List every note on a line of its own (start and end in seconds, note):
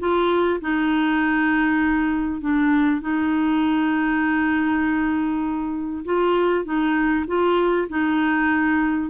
0.00 0.61 F4
0.61 2.41 D#4
2.41 3.02 D4
3.02 6.05 D#4
6.05 6.65 F4
6.65 7.26 D#4
7.28 7.88 F4
7.89 9.10 D#4